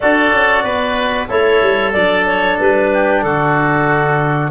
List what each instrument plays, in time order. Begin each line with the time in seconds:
0.00 tuba D4, trombone F#4, oboe A4, clarinet D5
0.31 tuba C#4
0.63 tuba B3, oboe B4
1.28 tuba A3, trombone E4, oboe A4, clarinet C#5
1.62 tuba G3
1.92 tuba F#3, trombone D4, clarinet D5
2.26 clarinet C#5
2.59 tuba G3, clarinet B4
2.93 oboe G4
3.22 tuba D3, oboe F#4, clarinet A4